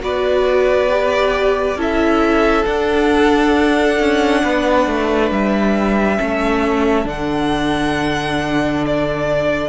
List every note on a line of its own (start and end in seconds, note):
0.00 1.75 B3
0.00 0.88 F#4
0.00 1.77 B4
0.00 1.80 D5
0.90 1.78 G4
1.75 2.63 C#4
1.75 2.65 E4
1.75 4.42 A4
1.75 2.65 E5
2.65 6.17 D4
2.65 3.99 D4
2.65 5.30 F#5
3.99 4.43 C#4
4.42 4.87 B3
4.42 6.18 B4
4.87 5.30 A3
5.30 6.19 G3
5.30 7.08 E5
6.17 7.05 A3
6.17 7.04 C#4
6.17 9.69 A4
7.04 9.69 D3
7.04 9.69 D4
7.04 8.84 F#5
8.86 9.69 D5